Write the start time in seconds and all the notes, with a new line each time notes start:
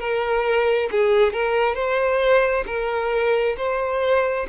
0.00 A#4
0.92 G#4
1.34 A#4
1.75 C5
2.67 A#4
3.58 C5